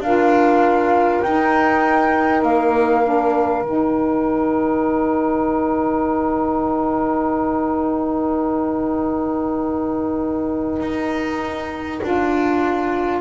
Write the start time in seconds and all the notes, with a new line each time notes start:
0.00 D4 F4 A#4 F5
1.22 D#4 G5
2.42 A#3 F5
3.03 D4
3.62 D#3 D#4 G5
10.80 D#4
12.03 D4 F4